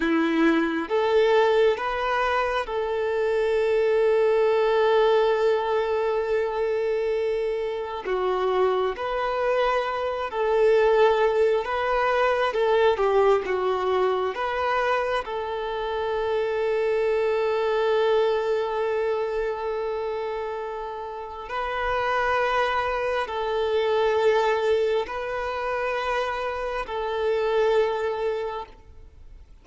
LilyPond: \new Staff \with { instrumentName = "violin" } { \time 4/4 \tempo 4 = 67 e'4 a'4 b'4 a'4~ | a'1~ | a'4 fis'4 b'4. a'8~ | a'4 b'4 a'8 g'8 fis'4 |
b'4 a'2.~ | a'1 | b'2 a'2 | b'2 a'2 | }